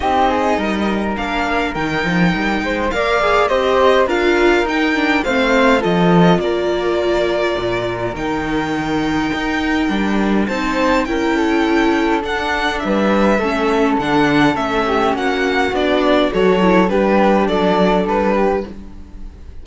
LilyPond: <<
  \new Staff \with { instrumentName = "violin" } { \time 4/4 \tempo 4 = 103 dis''2 f''4 g''4~ | g''4 f''4 dis''4 f''4 | g''4 f''4 dis''4 d''4~ | d''2 g''2~ |
g''2 a''4 g''4~ | g''4 fis''4 e''2 | fis''4 e''4 fis''4 d''4 | cis''4 b'4 d''4 b'4 | }
  \new Staff \with { instrumentName = "flute" } { \time 4/4 g'8 gis'8 ais'2.~ | ais'8 c''8 d''4 c''4 ais'4~ | ais'4 c''4 a'4 ais'4~ | ais'1~ |
ais'2 c''4 ais'8 a'8~ | a'2 b'4 a'4~ | a'4. g'8 fis'2 | a'4 g'4 a'4. g'8 | }
  \new Staff \with { instrumentName = "viola" } { \time 4/4 dis'2 d'4 dis'4~ | dis'4 ais'8 gis'8 g'4 f'4 | dis'8 d'8 c'4 f'2~ | f'2 dis'2~ |
dis'4 d'4 dis'4 e'4~ | e'4 d'2 cis'4 | d'4 cis'2 d'4 | fis'8 e'8 d'2. | }
  \new Staff \with { instrumentName = "cello" } { \time 4/4 c'4 g4 ais4 dis8 f8 | g8 gis8 ais4 c'4 d'4 | dis'4 a4 f4 ais4~ | ais4 ais,4 dis2 |
dis'4 g4 c'4 cis'4~ | cis'4 d'4 g4 a4 | d4 a4 ais4 b4 | fis4 g4 fis4 g4 | }
>>